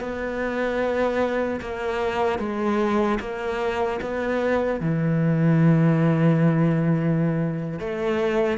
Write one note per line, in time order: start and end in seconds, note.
0.00 1.60 B3
1.61 2.39 A#3
2.39 3.19 G#3
3.20 4.00 A#3
4.01 4.80 B3
4.80 7.80 E3
7.80 8.58 A3